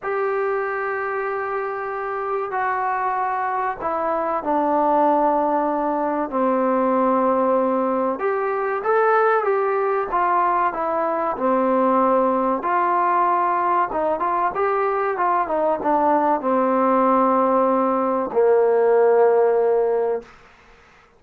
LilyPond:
\new Staff \with { instrumentName = "trombone" } { \time 4/4 \tempo 4 = 95 g'1 | fis'2 e'4 d'4~ | d'2 c'2~ | c'4 g'4 a'4 g'4 |
f'4 e'4 c'2 | f'2 dis'8 f'8 g'4 | f'8 dis'8 d'4 c'2~ | c'4 ais2. | }